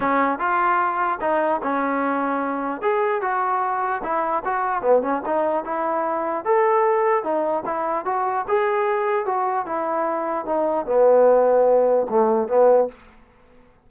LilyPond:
\new Staff \with { instrumentName = "trombone" } { \time 4/4 \tempo 4 = 149 cis'4 f'2 dis'4 | cis'2. gis'4 | fis'2 e'4 fis'4 | b8 cis'8 dis'4 e'2 |
a'2 dis'4 e'4 | fis'4 gis'2 fis'4 | e'2 dis'4 b4~ | b2 a4 b4 | }